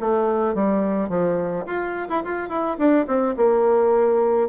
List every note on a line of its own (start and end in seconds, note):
0.00 0.55 A3
0.55 1.09 G3
1.09 1.65 F3
1.66 2.08 F4
2.09 2.23 E4
2.24 2.49 F4
2.49 2.77 E4
2.78 3.06 D4
3.07 3.35 C4
3.36 4.48 A#3